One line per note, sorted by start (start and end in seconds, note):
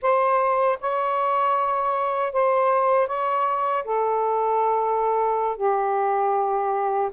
0.02 0.79 C5
0.80 2.33 C#5
2.33 3.07 C5
3.07 3.84 C#5
3.84 5.56 A4
5.56 7.10 G4